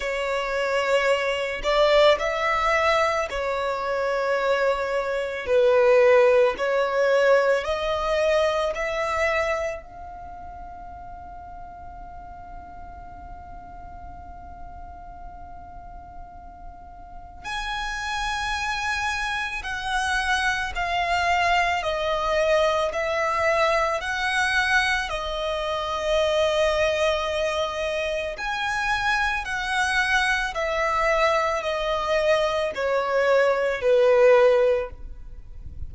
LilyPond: \new Staff \with { instrumentName = "violin" } { \time 4/4 \tempo 4 = 55 cis''4. d''8 e''4 cis''4~ | cis''4 b'4 cis''4 dis''4 | e''4 f''2.~ | f''1 |
gis''2 fis''4 f''4 | dis''4 e''4 fis''4 dis''4~ | dis''2 gis''4 fis''4 | e''4 dis''4 cis''4 b'4 | }